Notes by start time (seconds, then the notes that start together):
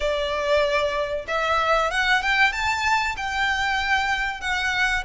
0.00 D5
1.27 E5
1.90 F#5
2.22 G5
2.52 A5
3.16 G5
4.40 F#5